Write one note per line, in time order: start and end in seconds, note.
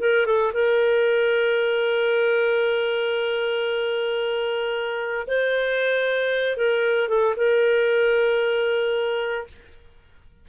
0.00 0.26 A#4
0.26 0.53 A4
0.54 5.28 A#4
5.28 6.57 C5
6.57 7.09 A#4
7.09 7.35 A4
7.37 9.48 A#4